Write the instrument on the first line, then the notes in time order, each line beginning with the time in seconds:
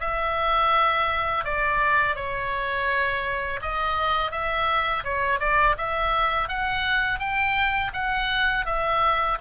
oboe
0.00 E5
1.45 D5
2.16 C#5
3.62 D#5
4.31 E5
5.04 C#5
5.40 D5
5.78 E5
6.49 F#5
7.19 G5
7.93 F#5
8.65 E5